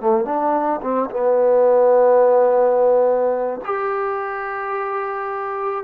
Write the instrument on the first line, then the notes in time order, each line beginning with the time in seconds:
trombone
0.00 A3
0.25 D4
0.81 C4
1.10 B3
3.64 G4